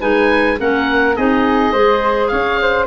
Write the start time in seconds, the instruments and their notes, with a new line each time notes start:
0.00 tuba G#3, clarinet D#4, flute B4, oboe G#5
0.58 tuba A#3, clarinet C#4, flute A#4, oboe F#5
1.16 tuba C4, clarinet D#4, flute G#4, oboe D#5
1.72 tuba G#3, clarinet G#4, flute C5
2.28 tuba C#4, flute C#5, oboe F5
2.62 flute C5